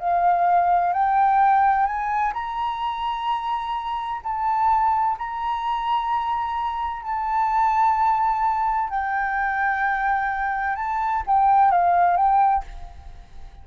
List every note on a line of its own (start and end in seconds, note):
0.00 0.93 F5
0.93 1.87 G5
1.87 2.34 G#5
2.34 4.21 A#5
4.24 5.17 A5
5.18 7.03 A#5
7.03 8.90 A5
8.90 10.76 G5
10.76 11.23 A5
11.27 11.71 G5
11.71 12.17 F5
12.17 12.63 G5